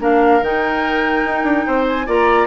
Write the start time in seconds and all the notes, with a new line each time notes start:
0.00 A#3 D4 A#4 F5
0.41 D#3 D#4 G5
1.26 D#4
1.44 D4
1.67 C4 C5
1.88 G#5
2.07 A#3 F4 D5 A#5